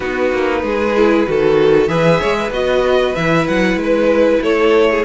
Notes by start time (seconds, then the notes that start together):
0.00 B3 D#4 F#4 B4
0.32 A#3
0.63 G#3 G#4
0.96 E4
1.26 D#3 F#4 A4
1.87 E3 G#4 B4 E5
2.20 G#3 C#5
2.38 B4
2.50 B3 F#4 D#5
3.15 E3 E4 E5
3.47 F#3 F#5
3.75 G#3
3.83 B4
4.41 A3 A4 C#5
4.90 G#4